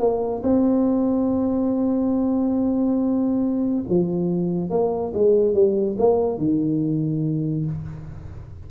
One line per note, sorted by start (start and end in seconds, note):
0.00 0.43 A#3
0.44 3.84 C4
3.89 4.70 F3
4.70 5.13 A#3
5.14 5.54 G#3
5.54 5.97 G3
5.99 6.38 A#3
6.38 7.66 D#3